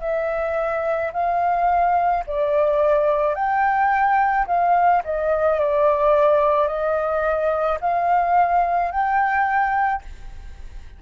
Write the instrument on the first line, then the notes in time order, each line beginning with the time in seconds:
flute
0.00 E5
1.13 F5
2.26 D5
3.34 G5
4.46 F5
5.04 D#5
5.59 D5
6.67 D#5
7.80 F5
8.90 G5